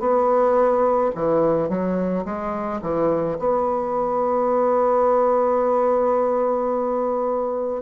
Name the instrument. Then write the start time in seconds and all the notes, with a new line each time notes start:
bassoon
0.00 B3
1.15 E3
1.69 F#3
2.25 G#3
2.81 E3
3.39 B3